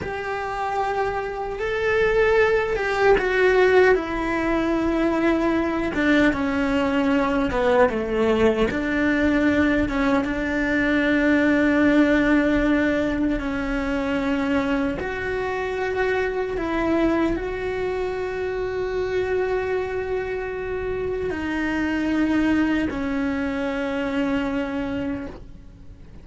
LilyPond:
\new Staff \with { instrumentName = "cello" } { \time 4/4 \tempo 4 = 76 g'2 a'4. g'8 | fis'4 e'2~ e'8 d'8 | cis'4. b8 a4 d'4~ | d'8 cis'8 d'2.~ |
d'4 cis'2 fis'4~ | fis'4 e'4 fis'2~ | fis'2. dis'4~ | dis'4 cis'2. | }